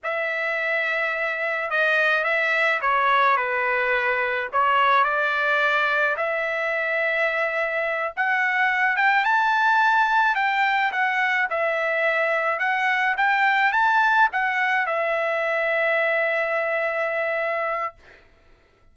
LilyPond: \new Staff \with { instrumentName = "trumpet" } { \time 4/4 \tempo 4 = 107 e''2. dis''4 | e''4 cis''4 b'2 | cis''4 d''2 e''4~ | e''2~ e''8 fis''4. |
g''8 a''2 g''4 fis''8~ | fis''8 e''2 fis''4 g''8~ | g''8 a''4 fis''4 e''4.~ | e''1 | }